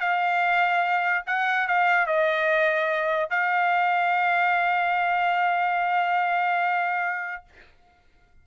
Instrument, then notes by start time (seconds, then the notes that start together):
trumpet
0.00 F5
1.26 F#5
1.68 F5
2.06 D#5
3.30 F5